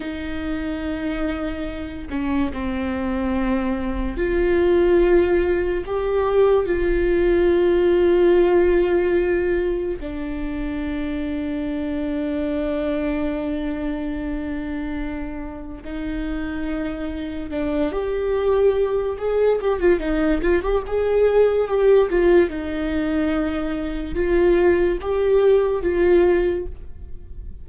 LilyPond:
\new Staff \with { instrumentName = "viola" } { \time 4/4 \tempo 4 = 72 dis'2~ dis'8 cis'8 c'4~ | c'4 f'2 g'4 | f'1 | d'1~ |
d'2. dis'4~ | dis'4 d'8 g'4. gis'8 g'16 f'16 | dis'8 f'16 g'16 gis'4 g'8 f'8 dis'4~ | dis'4 f'4 g'4 f'4 | }